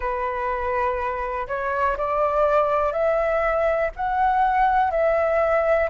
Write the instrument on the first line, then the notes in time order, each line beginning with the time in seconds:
flute
0.00 B4
1.47 C#5
1.97 D5
2.92 E5
3.96 F#5
4.90 E5